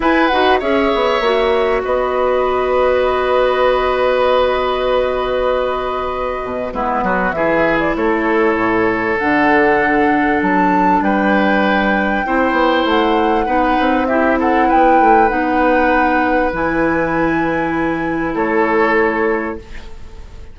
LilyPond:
<<
  \new Staff \with { instrumentName = "flute" } { \time 4/4 \tempo 4 = 98 gis''8 fis''8 e''2 dis''4~ | dis''1~ | dis''2. b'4 | e''8. d''16 cis''2 fis''4~ |
fis''4 a''4 g''2~ | g''4 fis''2 e''8 fis''8 | g''4 fis''2 gis''4~ | gis''2 cis''2 | }
  \new Staff \with { instrumentName = "oboe" } { \time 4/4 b'4 cis''2 b'4~ | b'1~ | b'2. e'8 fis'8 | gis'4 a'2.~ |
a'2 b'2 | c''2 b'4 g'8 a'8 | b'1~ | b'2 a'2 | }
  \new Staff \with { instrumentName = "clarinet" } { \time 4/4 e'8 fis'8 gis'4 fis'2~ | fis'1~ | fis'2. b4 | e'2. d'4~ |
d'1 | e'2 dis'4 e'4~ | e'4 dis'2 e'4~ | e'1 | }
  \new Staff \with { instrumentName = "bassoon" } { \time 4/4 e'8 dis'8 cis'8 b8 ais4 b4~ | b1~ | b2~ b8 b,8 gis8 fis8 | e4 a4 a,4 d4~ |
d4 fis4 g2 | c'8 b8 a4 b8 c'4. | b8 a8 b2 e4~ | e2 a2 | }
>>